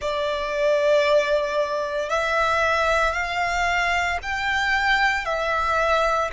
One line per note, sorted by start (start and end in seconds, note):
0.01 2.09 D5
2.09 3.13 E5
3.13 4.18 F5
4.22 5.25 G5
5.25 6.30 E5